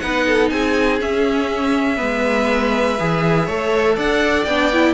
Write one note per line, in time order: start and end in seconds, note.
0.00 0.52 B3
0.00 1.00 D#4
0.00 0.27 B4
0.00 0.50 F#5
0.28 0.52 A4
0.50 1.01 C4
0.50 1.97 G#4
0.50 0.99 G#5
1.00 1.97 C#4
1.00 2.01 C#4
1.00 3.99 E5
1.97 3.00 G#3
1.97 2.96 B3
1.97 3.46 B4
2.99 3.48 E3
2.99 3.49 G#4
3.46 3.98 A3
3.46 4.48 A4
3.46 3.96 C#5
3.96 4.47 D4
3.96 4.95 D5
3.96 4.45 F#5
4.45 4.95 B3
4.45 4.73 D4
4.45 4.94 G5
4.73 4.95 E4